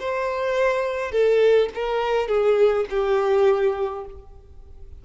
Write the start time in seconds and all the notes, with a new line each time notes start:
0.00 C5
1.12 A4
1.75 A#4
2.28 G#4
2.90 G4